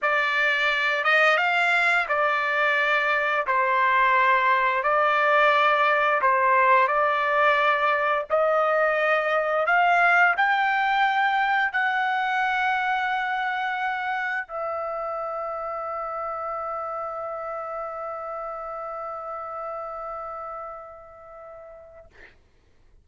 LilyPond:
\new Staff \with { instrumentName = "trumpet" } { \time 4/4 \tempo 4 = 87 d''4. dis''8 f''4 d''4~ | d''4 c''2 d''4~ | d''4 c''4 d''2 | dis''2 f''4 g''4~ |
g''4 fis''2.~ | fis''4 e''2.~ | e''1~ | e''1 | }